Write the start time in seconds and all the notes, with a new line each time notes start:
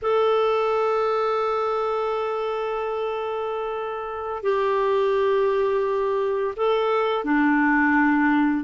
0.02 A4
4.42 G4
6.56 A4
7.24 D4